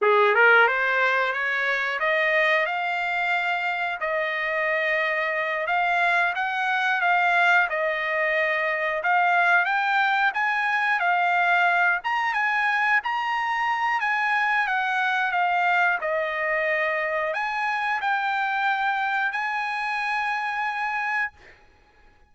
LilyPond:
\new Staff \with { instrumentName = "trumpet" } { \time 4/4 \tempo 4 = 90 gis'8 ais'8 c''4 cis''4 dis''4 | f''2 dis''2~ | dis''8 f''4 fis''4 f''4 dis''8~ | dis''4. f''4 g''4 gis''8~ |
gis''8 f''4. ais''8 gis''4 ais''8~ | ais''4 gis''4 fis''4 f''4 | dis''2 gis''4 g''4~ | g''4 gis''2. | }